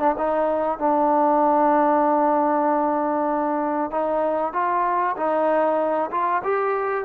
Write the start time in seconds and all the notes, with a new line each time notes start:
0.00 D4
0.18 D#4
0.79 D4
3.91 D#4
4.53 F4
5.17 D#4
6.11 F4
6.44 G4